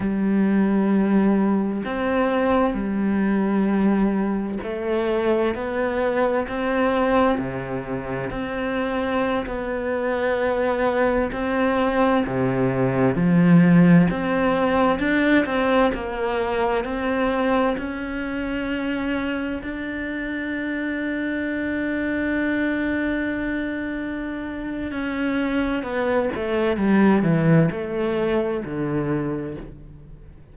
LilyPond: \new Staff \with { instrumentName = "cello" } { \time 4/4 \tempo 4 = 65 g2 c'4 g4~ | g4 a4 b4 c'4 | c4 c'4~ c'16 b4.~ b16~ | b16 c'4 c4 f4 c'8.~ |
c'16 d'8 c'8 ais4 c'4 cis'8.~ | cis'4~ cis'16 d'2~ d'8.~ | d'2. cis'4 | b8 a8 g8 e8 a4 d4 | }